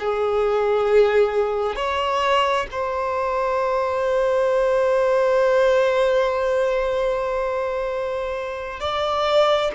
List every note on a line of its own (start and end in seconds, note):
0.00 1.76 G#4
1.76 2.67 C#5
2.71 8.81 C5
8.81 9.71 D5